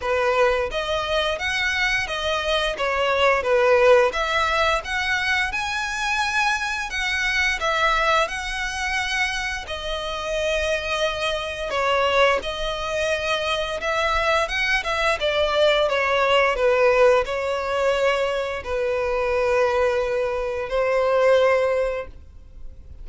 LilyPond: \new Staff \with { instrumentName = "violin" } { \time 4/4 \tempo 4 = 87 b'4 dis''4 fis''4 dis''4 | cis''4 b'4 e''4 fis''4 | gis''2 fis''4 e''4 | fis''2 dis''2~ |
dis''4 cis''4 dis''2 | e''4 fis''8 e''8 d''4 cis''4 | b'4 cis''2 b'4~ | b'2 c''2 | }